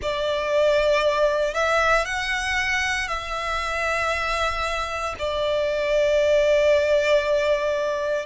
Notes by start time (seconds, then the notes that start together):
0.01 D5
1.54 E5
2.05 F#5
3.08 E5
5.18 D5